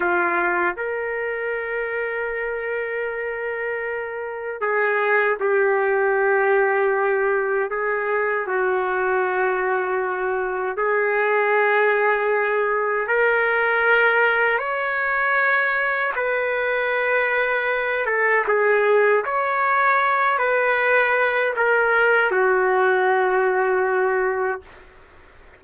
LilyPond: \new Staff \with { instrumentName = "trumpet" } { \time 4/4 \tempo 4 = 78 f'4 ais'2.~ | ais'2 gis'4 g'4~ | g'2 gis'4 fis'4~ | fis'2 gis'2~ |
gis'4 ais'2 cis''4~ | cis''4 b'2~ b'8 a'8 | gis'4 cis''4. b'4. | ais'4 fis'2. | }